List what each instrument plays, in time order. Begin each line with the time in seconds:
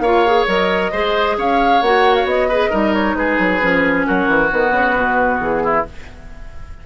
0.00 bassoon A#3, clarinet F4, oboe C#5, flute F5
0.27 clarinet G#4
0.47 bassoon F#3, clarinet A#4, flute D#5
0.92 bassoon G#3, clarinet G#4, oboe C5
1.37 bassoon C#4, oboe C#5, flute F5
1.82 bassoon A#3, clarinet F#4, flute F#5
2.15 flute F5
2.25 bassoon B3, flute D#5
2.49 clarinet G#4, oboe B4
2.70 bassoon G3, clarinet D#4, oboe A#4
2.94 flute C#5
3.15 bassoon G#3, oboe G#4, flute B4
3.39 bassoon F#3
3.60 bassoon F3, clarinet C#4
4.06 bassoon F#3, oboe F#4, flute A#4
4.28 bassoon E3
4.52 bassoon D#3, clarinet B3, flute B4
4.72 bassoon C#3
4.95 bassoon B2
5.40 bassoon E3, flute G#4
5.63 oboe E4